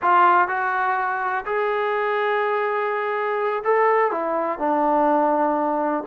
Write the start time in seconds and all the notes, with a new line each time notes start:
0.02 F4
0.48 F#4
1.45 G#4
3.64 A4
4.11 E4
4.58 D4